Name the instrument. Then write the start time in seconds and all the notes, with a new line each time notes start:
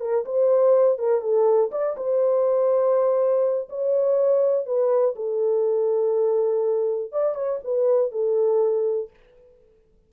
horn
0.00 A#4
0.25 C5
0.98 A#4
1.21 A4
1.72 D5
1.97 C5
3.69 C#5
4.66 B4
5.16 A4
7.12 D5
7.35 C#5
7.64 B4
8.12 A4